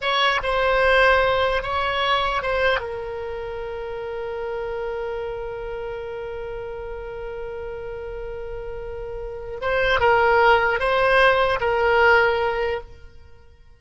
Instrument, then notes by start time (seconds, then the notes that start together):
oboe
0.01 C#5
0.42 C5
1.62 C#5
2.42 C5
2.79 A#4
9.61 C5
10.00 A#4
10.79 C5
11.60 A#4